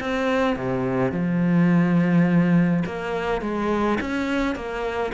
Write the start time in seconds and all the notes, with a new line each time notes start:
0.00 C4
0.56 C3
1.12 F3
2.86 A#3
3.41 G#3
4.01 C#4
4.55 A#3